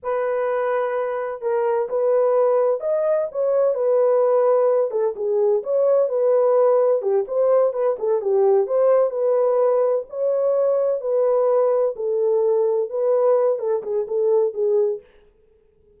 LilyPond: \new Staff \with { instrumentName = "horn" } { \time 4/4 \tempo 4 = 128 b'2. ais'4 | b'2 dis''4 cis''4 | b'2~ b'8 a'8 gis'4 | cis''4 b'2 g'8 c''8~ |
c''8 b'8 a'8 g'4 c''4 b'8~ | b'4. cis''2 b'8~ | b'4. a'2 b'8~ | b'4 a'8 gis'8 a'4 gis'4 | }